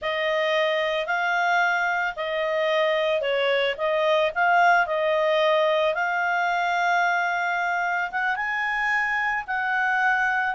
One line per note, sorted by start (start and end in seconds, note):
0.01 1.06 D#5
1.06 2.14 F5
2.15 3.21 D#5
3.21 3.75 C#5
3.77 4.31 D#5
4.34 4.86 F5
4.86 5.94 D#5
5.94 8.10 F5
8.11 8.36 F#5
8.36 9.44 G#5
9.47 10.55 F#5